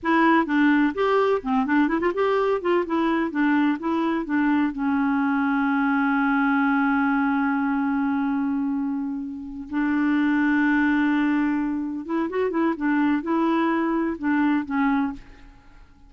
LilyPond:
\new Staff \with { instrumentName = "clarinet" } { \time 4/4 \tempo 4 = 127 e'4 d'4 g'4 c'8 d'8 | e'16 f'16 g'4 f'8 e'4 d'4 | e'4 d'4 cis'2~ | cis'1~ |
cis'1~ | cis'8 d'2.~ d'8~ | d'4. e'8 fis'8 e'8 d'4 | e'2 d'4 cis'4 | }